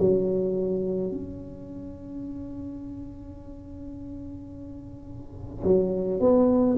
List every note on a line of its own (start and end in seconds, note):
0.00 1.12 F#3
1.12 5.64 C#4
5.64 6.21 F#3
6.21 6.77 B3